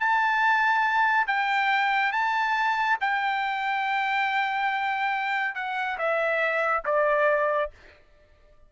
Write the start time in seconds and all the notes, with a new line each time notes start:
0.00 A5
1.27 G5
2.13 A5
3.01 G5
5.55 F#5
5.98 E5
6.85 D5